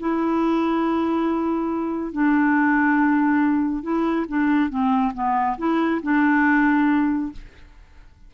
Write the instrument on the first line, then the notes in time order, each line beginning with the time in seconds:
clarinet
0.00 E4
2.12 D4
3.83 E4
4.29 D4
4.70 C4
5.14 B3
5.58 E4
6.03 D4